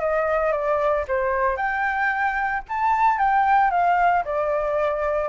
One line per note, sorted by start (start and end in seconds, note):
0.00 0.52 D#5
0.52 1.05 D5
1.08 1.57 C5
1.57 2.63 G5
2.69 3.19 A5
3.19 3.71 G5
3.71 4.24 F5
4.25 5.29 D5